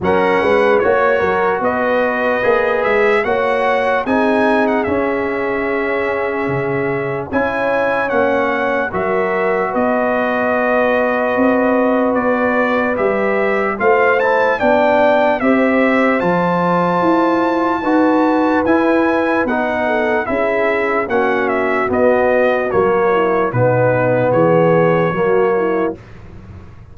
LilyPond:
<<
  \new Staff \with { instrumentName = "trumpet" } { \time 4/4 \tempo 4 = 74 fis''4 cis''4 dis''4. e''8 | fis''4 gis''8. fis''16 e''2~ | e''4 gis''4 fis''4 e''4 | dis''2. d''4 |
e''4 f''8 a''8 g''4 e''4 | a''2. gis''4 | fis''4 e''4 fis''8 e''8 dis''4 | cis''4 b'4 cis''2 | }
  \new Staff \with { instrumentName = "horn" } { \time 4/4 ais'8 b'8 cis''8 ais'8 b'2 | cis''4 gis'2.~ | gis'4 cis''2 ais'4 | b'1~ |
b'4 c''4 d''4 c''4~ | c''2 b'2~ | b'8 a'8 gis'4 fis'2~ | fis'8 e'8 dis'4 gis'4 fis'8 e'8 | }
  \new Staff \with { instrumentName = "trombone" } { \time 4/4 cis'4 fis'2 gis'4 | fis'4 dis'4 cis'2~ | cis'4 e'4 cis'4 fis'4~ | fis'1 |
g'4 f'8 e'8 d'4 g'4 | f'2 fis'4 e'4 | dis'4 e'4 cis'4 b4 | ais4 b2 ais4 | }
  \new Staff \with { instrumentName = "tuba" } { \time 4/4 fis8 gis8 ais8 fis8 b4 ais8 gis8 | ais4 c'4 cis'2 | cis4 cis'4 ais4 fis4 | b2 c'4 b4 |
g4 a4 b4 c'4 | f4 e'4 dis'4 e'4 | b4 cis'4 ais4 b4 | fis4 b,4 e4 fis4 | }
>>